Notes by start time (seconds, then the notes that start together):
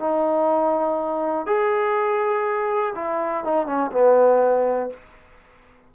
0.00 D#4
1.47 G#4
2.96 E4
3.45 D#4
3.67 C#4
3.92 B3